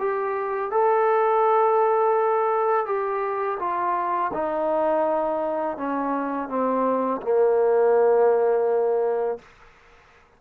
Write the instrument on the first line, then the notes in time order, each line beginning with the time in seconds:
trombone
0.00 G4
0.72 A4
2.86 G4
3.60 F4
4.34 D#4
5.77 C#4
6.49 C4
7.22 A#3